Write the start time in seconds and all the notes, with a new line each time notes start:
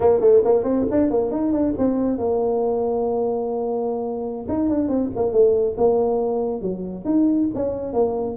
0.00 A#3
0.20 A3
0.44 A#3
0.63 C4
0.90 D4
1.10 A#3
1.31 D#4
1.52 D4
1.77 C4
2.18 A#3
4.48 D#4
4.69 D4
4.88 C4
5.15 A#3
5.32 A3
5.77 A#3
6.61 F#3
7.04 D#4
7.54 C#4
7.93 A#3